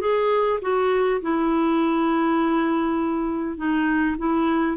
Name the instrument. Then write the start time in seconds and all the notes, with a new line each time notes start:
clarinet
0.00 G#4
0.61 F#4
1.21 E4
3.57 D#4
4.18 E4